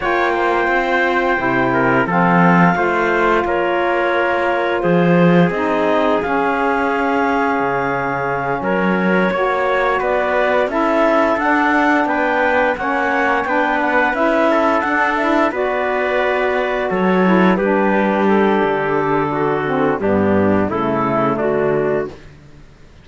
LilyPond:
<<
  \new Staff \with { instrumentName = "clarinet" } { \time 4/4 \tempo 4 = 87 g''2. f''4~ | f''4 cis''2 c''4 | dis''4 f''2.~ | f''8 cis''2 d''4 e''8~ |
e''8 fis''4 g''4 fis''4 g''8 | fis''8 e''4 fis''8 e''8 d''4.~ | d''8 cis''4 b'4 a'4.~ | a'4 g'4 a'4 fis'4 | }
  \new Staff \with { instrumentName = "trumpet" } { \time 4/4 cis''8 c''2 ais'8 a'4 | c''4 ais'2 gis'4~ | gis'1~ | gis'8 ais'4 cis''4 b'4 a'8~ |
a'4. b'4 cis''4 b'8~ | b'4 a'4. b'4.~ | b'8 a'4 g'2~ g'8 | fis'4 d'4 e'4 d'4 | }
  \new Staff \with { instrumentName = "saxophone" } { \time 4/4 f'2 e'4 c'4 | f'1 | dis'4 cis'2.~ | cis'4. fis'2 e'8~ |
e'8 d'2 cis'4 d'8~ | d'8 e'4 d'8 e'8 fis'4.~ | fis'4 e'8 d'2~ d'8~ | d'8 c'8 b4 a2 | }
  \new Staff \with { instrumentName = "cello" } { \time 4/4 ais4 c'4 c4 f4 | a4 ais2 f4 | c'4 cis'2 cis4~ | cis8 fis4 ais4 b4 cis'8~ |
cis'8 d'4 b4 ais4 b8~ | b8 cis'4 d'4 b4.~ | b8 fis4 g4. d4~ | d4 g,4 cis4 d4 | }
>>